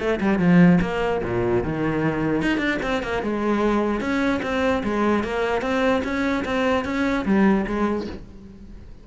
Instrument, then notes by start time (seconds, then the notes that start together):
cello
0.00 A3
0.21 G3
0.39 F3
0.82 A#3
1.24 A#2
1.64 D#3
2.43 D#4
2.58 D4
2.83 C4
3.03 A#3
3.23 G#3
4.01 C#4
4.43 C4
4.84 G#3
5.24 A#3
5.62 C4
6.04 C#4
6.45 C4
6.85 C#4
7.26 G3
7.67 G#3